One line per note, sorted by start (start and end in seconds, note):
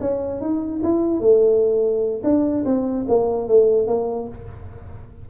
0.00 0.40 C#4
0.40 0.81 D#4
0.83 1.20 E4
1.20 2.22 A3
2.23 2.64 D4
2.65 3.06 C4
3.08 3.48 A#3
3.48 3.87 A3
3.87 4.28 A#3